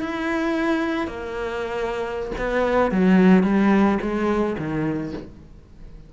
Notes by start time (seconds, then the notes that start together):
0.00 E4
1.07 A#3
2.37 B3
2.91 F#3
3.43 G3
4.01 G#3
4.57 D#3